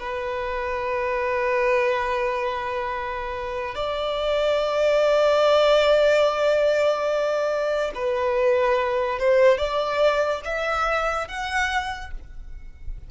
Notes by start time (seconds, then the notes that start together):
0.00 B4
3.75 D5
7.95 B4
9.19 C5
9.58 D5
10.45 E5
11.28 F#5